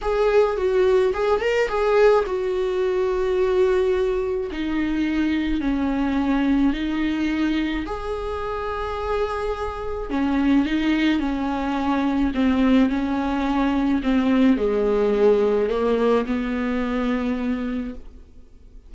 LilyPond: \new Staff \with { instrumentName = "viola" } { \time 4/4 \tempo 4 = 107 gis'4 fis'4 gis'8 ais'8 gis'4 | fis'1 | dis'2 cis'2 | dis'2 gis'2~ |
gis'2 cis'4 dis'4 | cis'2 c'4 cis'4~ | cis'4 c'4 gis2 | ais4 b2. | }